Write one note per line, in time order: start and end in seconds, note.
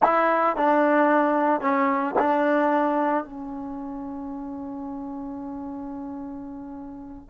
0.02 0.56 E4
0.56 1.60 D4
1.60 2.14 C#4
2.18 3.24 D4
3.24 7.29 C#4